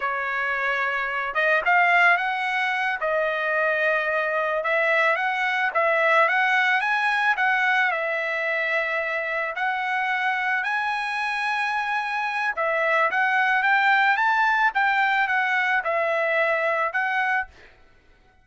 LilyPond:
\new Staff \with { instrumentName = "trumpet" } { \time 4/4 \tempo 4 = 110 cis''2~ cis''8 dis''8 f''4 | fis''4. dis''2~ dis''8~ | dis''8 e''4 fis''4 e''4 fis''8~ | fis''8 gis''4 fis''4 e''4.~ |
e''4. fis''2 gis''8~ | gis''2. e''4 | fis''4 g''4 a''4 g''4 | fis''4 e''2 fis''4 | }